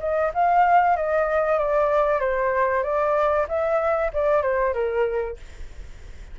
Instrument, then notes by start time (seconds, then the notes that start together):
flute
0.00 D#5
0.34 F5
0.96 D#5
1.58 D5
2.20 C5
2.83 D5
3.48 E5
4.13 D5
4.42 C5
4.74 A#4